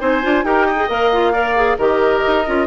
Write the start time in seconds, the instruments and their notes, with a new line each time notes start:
0.00 bassoon C4, clarinet D#4, oboe C5, flute G#5
0.22 bassoon D4, clarinet F4
0.44 bassoon D#4, clarinet G4, oboe A#4, flute G5
0.67 oboe D#5
0.76 clarinet G#4
0.89 bassoon A#3, clarinet A#4, flute F5
1.13 clarinet F4
1.33 clarinet A#4, oboe D5
1.56 clarinet G#4
1.78 bassoon D#3, clarinet G4, oboe A#4, flute D#5
2.27 bassoon D#4
2.46 bassoon C#4, clarinet F4